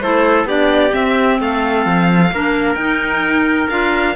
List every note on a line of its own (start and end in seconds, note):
0.00 0.44 A3
0.00 0.47 E4
0.00 0.48 A4
0.00 0.46 C5
0.44 0.90 B3
0.44 0.90 D4
0.44 1.40 G4
0.44 0.94 D5
0.90 2.29 C4
0.90 1.40 C4
0.90 1.40 E5
1.40 1.85 A3
1.40 2.33 A4
1.40 2.75 F5
1.85 2.32 F3
2.32 2.75 A#3
2.32 2.78 D4
2.32 4.15 A#4
2.75 3.67 D#4
2.75 3.70 D#4
2.75 3.67 G5
3.70 4.15 D4
3.70 4.15 F4
3.70 4.15 F5